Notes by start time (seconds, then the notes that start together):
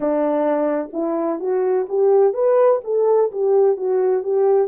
0.00 D4
0.92 E4
1.39 F#4
1.88 G4
2.33 B4
2.84 A4
3.31 G4
3.76 F#4
4.23 G4